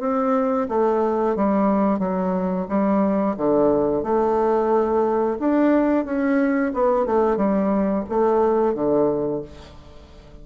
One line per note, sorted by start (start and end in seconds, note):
0.00 0.67 C4
0.69 1.36 A3
1.36 1.99 G3
1.99 2.67 F#3
2.69 3.36 G3
3.37 4.03 D3
4.03 5.38 A3
5.40 6.05 D4
6.05 6.73 C#4
6.74 7.06 B3
7.06 7.37 A3
7.37 8.04 G3
8.09 8.75 A3
8.75 9.42 D3